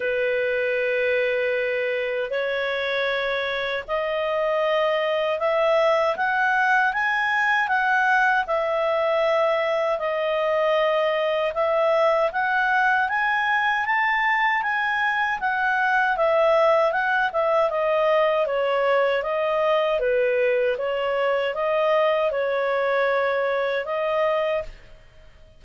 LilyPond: \new Staff \with { instrumentName = "clarinet" } { \time 4/4 \tempo 4 = 78 b'2. cis''4~ | cis''4 dis''2 e''4 | fis''4 gis''4 fis''4 e''4~ | e''4 dis''2 e''4 |
fis''4 gis''4 a''4 gis''4 | fis''4 e''4 fis''8 e''8 dis''4 | cis''4 dis''4 b'4 cis''4 | dis''4 cis''2 dis''4 | }